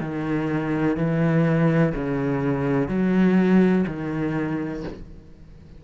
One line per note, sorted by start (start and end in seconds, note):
0.00 0.96 D#3
0.96 1.93 E3
1.94 2.88 C#3
2.88 3.84 F#3
3.87 4.84 D#3